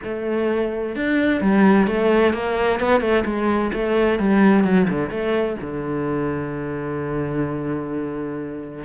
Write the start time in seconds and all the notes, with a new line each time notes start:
0.03 A3
0.95 D4
1.41 G3
1.87 A3
2.33 A#3
2.80 B3
3.00 A3
3.25 G#3
3.73 A3
4.19 G3
4.64 F#3
4.89 D3
5.10 A3
5.61 D3